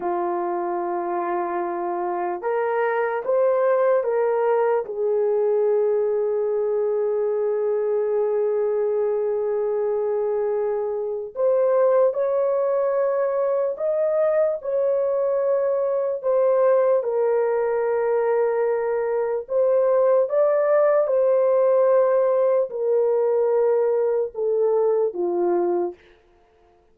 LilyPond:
\new Staff \with { instrumentName = "horn" } { \time 4/4 \tempo 4 = 74 f'2. ais'4 | c''4 ais'4 gis'2~ | gis'1~ | gis'2 c''4 cis''4~ |
cis''4 dis''4 cis''2 | c''4 ais'2. | c''4 d''4 c''2 | ais'2 a'4 f'4 | }